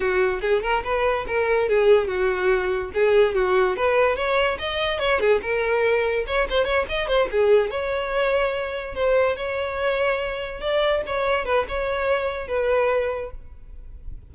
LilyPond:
\new Staff \with { instrumentName = "violin" } { \time 4/4 \tempo 4 = 144 fis'4 gis'8 ais'8 b'4 ais'4 | gis'4 fis'2 gis'4 | fis'4 b'4 cis''4 dis''4 | cis''8 gis'8 ais'2 cis''8 c''8 |
cis''8 dis''8 c''8 gis'4 cis''4.~ | cis''4. c''4 cis''4.~ | cis''4. d''4 cis''4 b'8 | cis''2 b'2 | }